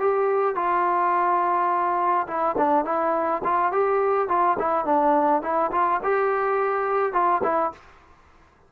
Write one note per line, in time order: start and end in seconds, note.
0.00 0.56 G4
0.56 2.27 F4
2.27 2.56 E4
2.58 2.85 D4
2.85 3.42 E4
3.44 3.72 F4
3.72 4.29 G4
4.29 4.57 F4
4.59 4.85 E4
4.85 5.42 D4
5.42 5.71 E4
5.72 6.01 F4
6.03 7.13 G4
7.13 7.42 F4
7.43 7.72 E4